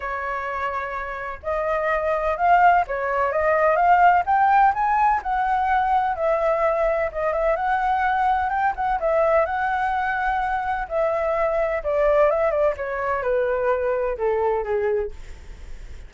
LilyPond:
\new Staff \with { instrumentName = "flute" } { \time 4/4 \tempo 4 = 127 cis''2. dis''4~ | dis''4 f''4 cis''4 dis''4 | f''4 g''4 gis''4 fis''4~ | fis''4 e''2 dis''8 e''8 |
fis''2 g''8 fis''8 e''4 | fis''2. e''4~ | e''4 d''4 e''8 d''8 cis''4 | b'2 a'4 gis'4 | }